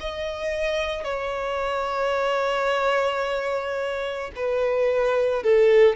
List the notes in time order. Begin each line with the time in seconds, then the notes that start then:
0.00 D#5
1.04 C#5
4.35 B4
5.43 A4